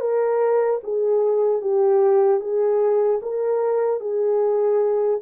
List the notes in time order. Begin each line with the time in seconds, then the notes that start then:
0.00 A#4
0.83 G#4
1.61 G4
2.40 G#4
3.22 A#4
4.00 G#4